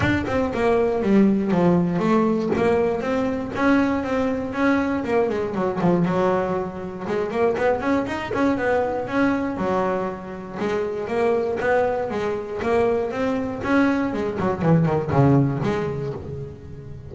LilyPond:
\new Staff \with { instrumentName = "double bass" } { \time 4/4 \tempo 4 = 119 d'8 c'8 ais4 g4 f4 | a4 ais4 c'4 cis'4 | c'4 cis'4 ais8 gis8 fis8 f8 | fis2 gis8 ais8 b8 cis'8 |
dis'8 cis'8 b4 cis'4 fis4~ | fis4 gis4 ais4 b4 | gis4 ais4 c'4 cis'4 | gis8 fis8 e8 dis8 cis4 gis4 | }